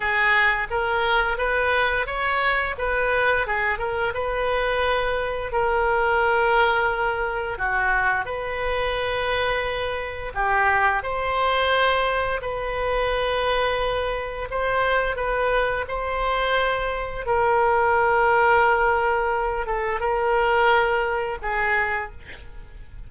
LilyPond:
\new Staff \with { instrumentName = "oboe" } { \time 4/4 \tempo 4 = 87 gis'4 ais'4 b'4 cis''4 | b'4 gis'8 ais'8 b'2 | ais'2. fis'4 | b'2. g'4 |
c''2 b'2~ | b'4 c''4 b'4 c''4~ | c''4 ais'2.~ | ais'8 a'8 ais'2 gis'4 | }